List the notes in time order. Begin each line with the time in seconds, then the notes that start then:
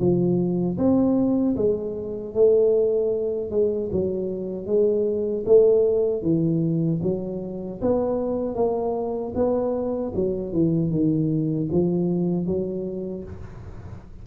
0.00 F3
0.78 C4
1.57 G#3
2.35 A3
3.51 G#3
3.92 F#3
4.66 G#3
5.46 A3
6.23 E3
7.03 F#3
7.82 B3
8.56 A#3
9.35 B3
10.15 F#3
10.53 E3
10.91 D#3
11.72 F3
12.46 F#3